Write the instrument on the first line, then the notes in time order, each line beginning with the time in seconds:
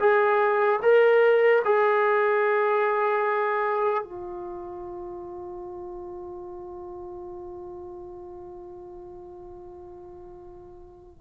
trombone
0.00 G#4
0.83 A#4
1.65 G#4
4.04 F4